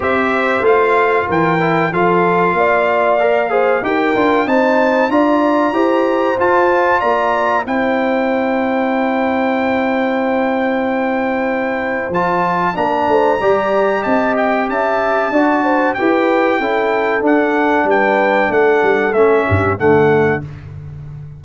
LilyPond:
<<
  \new Staff \with { instrumentName = "trumpet" } { \time 4/4 \tempo 4 = 94 e''4 f''4 g''4 f''4~ | f''2 g''4 a''4 | ais''2 a''4 ais''4 | g''1~ |
g''2. a''4 | ais''2 a''8 g''8 a''4~ | a''4 g''2 fis''4 | g''4 fis''4 e''4 fis''4 | }
  \new Staff \with { instrumentName = "horn" } { \time 4/4 c''2 ais'4 a'4 | d''4. c''8 ais'4 c''4 | d''4 c''2 d''4 | c''1~ |
c''1 | ais'8 c''8 d''4 dis''4 e''4 | d''8 c''8 b'4 a'2 | b'4 a'4. g'8 a'4 | }
  \new Staff \with { instrumentName = "trombone" } { \time 4/4 g'4 f'4. e'8 f'4~ | f'4 ais'8 gis'8 g'8 f'8 dis'4 | f'4 g'4 f'2 | e'1~ |
e'2. f'4 | d'4 g'2. | fis'4 g'4 e'4 d'4~ | d'2 cis'4 a4 | }
  \new Staff \with { instrumentName = "tuba" } { \time 4/4 c'4 a4 e4 f4 | ais2 dis'8 d'8 c'4 | d'4 e'4 f'4 ais4 | c'1~ |
c'2. f4 | ais8 a8 g4 c'4 cis'4 | d'4 e'4 cis'4 d'4 | g4 a8 g8 a8 g,8 d4 | }
>>